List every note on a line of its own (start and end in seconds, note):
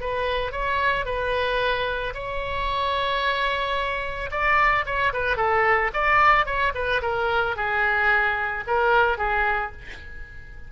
0.00 0.52 B4
0.52 1.05 C#5
1.05 2.13 B4
2.14 4.30 C#5
4.31 4.85 D5
4.86 5.13 C#5
5.13 5.37 B4
5.37 5.91 A4
5.93 6.45 D5
6.45 6.72 C#5
6.74 7.01 B4
7.02 7.56 A#4
7.56 8.64 G#4
8.67 9.17 A#4
9.17 9.71 G#4